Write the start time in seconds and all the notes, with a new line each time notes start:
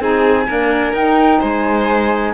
0.00 C4 D#4 G#4 G#5
0.46 A#3 D4 A#4
0.93 D#4 G5
1.39 G#3 C5 G#5